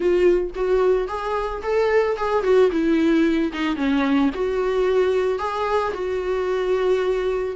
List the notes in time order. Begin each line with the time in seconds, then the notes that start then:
0.00 F4
0.55 F#4
1.08 G#4
1.62 A4
2.16 G#4
2.43 F#4
2.71 E4
3.53 D#4
3.76 C#4
4.34 F#4
5.38 G#4
5.93 F#4